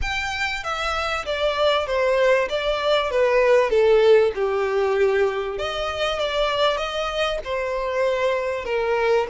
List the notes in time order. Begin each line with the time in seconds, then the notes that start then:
0.01 G5
0.63 E5
1.25 D5
1.86 C5
2.49 D5
3.10 B4
3.70 A4
4.34 G4
5.58 D#5
6.19 D5
6.77 D#5
7.44 C5
8.65 A#4